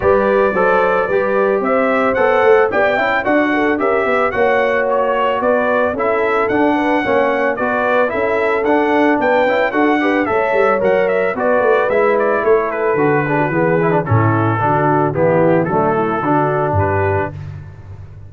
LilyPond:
<<
  \new Staff \with { instrumentName = "trumpet" } { \time 4/4 \tempo 4 = 111 d''2. e''4 | fis''4 g''4 fis''4 e''4 | fis''4 cis''4 d''4 e''4 | fis''2 d''4 e''4 |
fis''4 g''4 fis''4 e''4 | fis''8 e''8 d''4 e''8 d''8 cis''8 b'8~ | b'2 a'2 | g'4 a'2 b'4 | }
  \new Staff \with { instrumentName = "horn" } { \time 4/4 b'4 c''4 b'4 c''4~ | c''4 d''8 e''8 d''8 a'8 ais'8 b'8 | cis''2 b'4 a'4~ | a'8 b'8 cis''4 b'4 a'4~ |
a'4 b'4 a'8 b'8 cis''4~ | cis''4 b'2 a'4~ | a'8 gis'16 fis'16 gis'4 e'4 fis'4 | e'4 d'8 e'8 fis'4 g'4 | }
  \new Staff \with { instrumentName = "trombone" } { \time 4/4 g'4 a'4 g'2 | a'4 g'8 e'8 fis'4 g'4 | fis'2. e'4 | d'4 cis'4 fis'4 e'4 |
d'4. e'8 fis'8 g'8 a'4 | ais'4 fis'4 e'2 | fis'8 d'8 b8 e'16 d'16 cis'4 d'4 | b4 a4 d'2 | }
  \new Staff \with { instrumentName = "tuba" } { \time 4/4 g4 fis4 g4 c'4 | b8 a8 b8 cis'8 d'4 cis'8 b8 | ais2 b4 cis'4 | d'4 ais4 b4 cis'4 |
d'4 b8 cis'8 d'4 a8 g8 | fis4 b8 a8 gis4 a4 | d4 e4 a,4 d4 | e4 fis4 d4 g,4 | }
>>